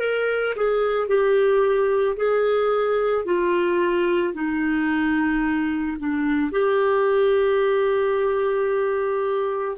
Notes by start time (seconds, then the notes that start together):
0.00 A#4
0.56 G#4
1.08 G4
2.17 G#4
3.25 F4
4.34 D#4
5.99 D4
6.52 G4